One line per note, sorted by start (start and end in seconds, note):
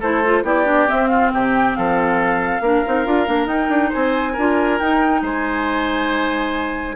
0.00 0.43 A3
0.00 0.24 E4
0.00 0.43 A4
0.00 0.46 C5
0.25 0.44 F4
0.43 0.86 B3
0.43 0.65 E4
0.43 1.10 G4
0.43 0.89 D5
0.65 0.87 D4
0.87 2.61 C4
0.87 1.33 C4
0.87 1.08 E5
1.08 1.31 F4
1.08 1.30 F5
1.33 1.76 C3
1.33 1.78 G4
1.33 1.76 G5
1.76 2.61 F3
1.76 2.63 A4
1.76 3.48 F5
2.61 2.82 A#3
2.61 2.85 D4
2.61 3.89 A#4
2.86 3.06 C4
2.86 3.05 D#4
3.05 3.28 D4
3.05 3.26 F4
3.26 3.46 A#3
3.26 3.47 D4
3.46 3.68 D#4
3.46 4.34 D#4
3.46 3.91 G5
3.69 3.91 D4
3.89 4.33 C5
3.89 4.79 G#5
3.95 4.37 C4
4.33 4.81 D4
4.33 4.81 F4
4.33 5.20 A#4
4.79 5.22 D#4
4.79 6.96 D#4
4.79 5.22 G5
5.22 6.96 G#3
5.22 6.96 C5
5.22 6.96 G#5